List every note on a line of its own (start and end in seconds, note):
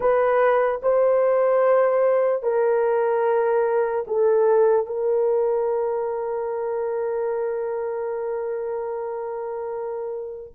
0.00 0.80 B4
0.82 2.43 C5
2.43 4.05 A#4
4.07 4.86 A4
4.86 10.53 A#4